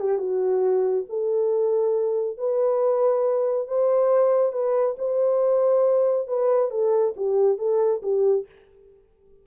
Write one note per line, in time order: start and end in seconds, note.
0.00 0.18 G4
0.18 1.05 F#4
1.10 2.38 A4
2.38 3.68 B4
3.68 4.53 C5
4.53 4.97 B4
4.99 6.28 C5
6.28 6.71 B4
6.71 7.15 A4
7.17 7.58 G4
7.58 8.02 A4
8.03 8.46 G4